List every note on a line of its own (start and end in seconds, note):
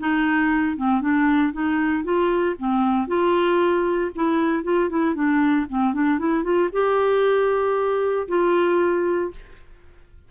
0.00 0.77 D#4
0.77 1.01 C4
1.01 1.53 D4
1.53 2.04 D#4
2.04 2.56 F4
2.59 3.08 C4
3.08 4.11 F4
4.15 4.64 E4
4.64 4.90 F4
4.90 5.15 E4
5.15 5.67 D4
5.69 5.94 C4
5.94 6.19 D4
6.19 6.44 E4
6.44 6.70 F4
6.73 8.28 G4
8.28 9.32 F4